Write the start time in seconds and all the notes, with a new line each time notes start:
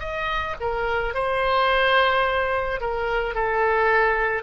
0.00 D#5
0.61 A#4
1.15 C5
2.81 A#4
3.35 A4